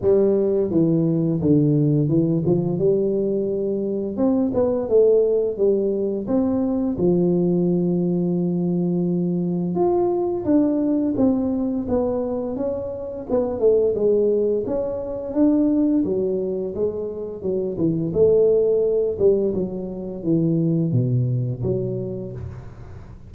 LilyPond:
\new Staff \with { instrumentName = "tuba" } { \time 4/4 \tempo 4 = 86 g4 e4 d4 e8 f8 | g2 c'8 b8 a4 | g4 c'4 f2~ | f2 f'4 d'4 |
c'4 b4 cis'4 b8 a8 | gis4 cis'4 d'4 fis4 | gis4 fis8 e8 a4. g8 | fis4 e4 b,4 fis4 | }